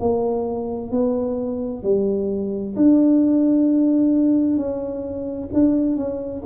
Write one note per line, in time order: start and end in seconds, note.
0.00 0.91 A#3
0.91 1.83 B3
1.83 2.75 G3
2.76 4.57 D4
4.57 5.49 C#4
5.53 5.96 D4
5.96 6.42 C#4